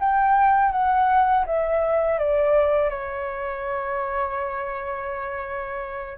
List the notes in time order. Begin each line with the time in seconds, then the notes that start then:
0.00 G5
0.72 F#5
1.46 E5
2.19 D5
2.90 C#5